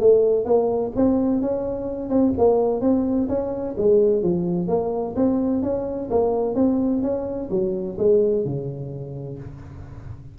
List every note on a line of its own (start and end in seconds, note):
0.00 0.45 A3
0.45 0.92 A#3
0.96 1.42 C4
1.42 2.10 C#4
2.10 2.33 C4
2.38 2.81 A#3
2.81 3.28 C4
3.29 3.76 C#4
3.78 4.23 G#3
4.23 4.68 F3
4.68 5.15 A#3
5.16 5.63 C4
5.63 6.10 C#4
6.10 6.55 A#3
6.55 7.02 C4
7.03 7.50 C#4
7.51 7.98 F#3
7.99 8.45 G#3
8.45 9.39 C#3